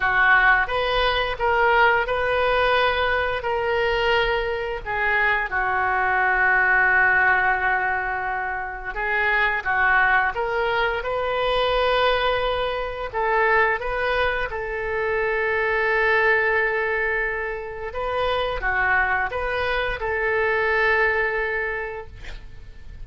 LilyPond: \new Staff \with { instrumentName = "oboe" } { \time 4/4 \tempo 4 = 87 fis'4 b'4 ais'4 b'4~ | b'4 ais'2 gis'4 | fis'1~ | fis'4 gis'4 fis'4 ais'4 |
b'2. a'4 | b'4 a'2.~ | a'2 b'4 fis'4 | b'4 a'2. | }